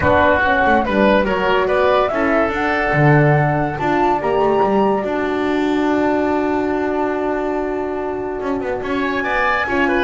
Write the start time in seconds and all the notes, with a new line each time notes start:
0.00 B3 D4 F#4 B4
0.42 C#4 F#5
0.65 A3
0.84 G3 D4 B4
1.24 F#3 F#4 A#4 C#5
1.67 B3 B4 D5
2.08 C#4 E4 A4 E5
2.48 D4 F#5
2.93 D3
3.77 D4 F4 D5 A5
4.20 A#3 G4 A#5
4.39 A3
4.62 G3
5.01 D4 F#4 A5
8.41 C#4
8.60 B3
8.82 C#4 C#5
9.02 G#5
9.23 B3 D5
9.67 C#4 F4 C#5
9.88 B4